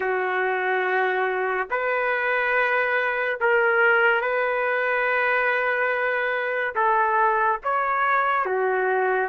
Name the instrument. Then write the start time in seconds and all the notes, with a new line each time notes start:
trumpet
0.00 F#4
1.70 B4
3.40 A#4
4.21 B4
6.75 A4
7.63 C#5
8.45 F#4